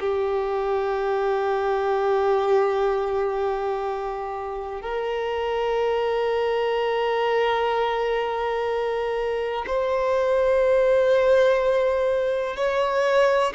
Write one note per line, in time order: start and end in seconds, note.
0.00 4.82 G4
4.82 9.66 A#4
9.67 12.57 C5
12.57 13.54 C#5